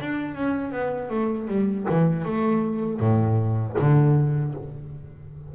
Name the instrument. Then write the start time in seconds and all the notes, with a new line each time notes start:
double bass
0.00 D4
0.34 C#4
0.71 B3
1.09 A3
1.48 G3
1.89 E3
2.25 A3
3.00 A2
3.78 D3